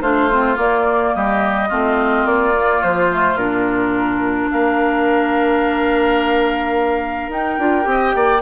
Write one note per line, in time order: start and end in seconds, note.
0.00 0.56 A3
0.00 0.30 D4
0.00 1.13 F4
0.00 0.57 C5
0.31 0.54 C4
0.54 1.67 A#3
0.54 1.13 A#3
0.54 1.14 D5
1.14 1.70 G3
1.14 1.68 G4
1.14 2.26 D#5
1.68 2.25 A3
1.68 2.54 C4
1.68 4.48 F4
2.25 2.81 A#3
2.25 2.82 D5
2.55 3.11 A#3
2.82 3.34 F3
2.82 3.37 C5
3.11 3.38 A3
3.34 4.46 A#2
3.34 7.31 D4
3.34 4.49 A#4
4.51 7.28 A#3
4.51 7.89 A#4
4.51 7.31 F5
7.28 7.56 D#4
7.28 7.59 D#4
7.28 8.42 G5
7.58 7.85 D4
7.58 7.82 F4
7.82 8.13 C4
7.82 8.38 G4
7.89 8.15 D#5
8.14 8.42 A#3
8.14 8.42 D5